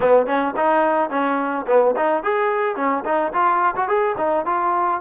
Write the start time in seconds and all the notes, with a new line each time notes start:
0.00 B3
0.26 C#4
0.56 D#4
1.10 C#4
1.67 B3
1.96 D#4
2.23 G#4
2.76 C#4
3.04 D#4
3.33 F4
3.76 F#4
3.87 G#4
4.17 D#4
4.45 F4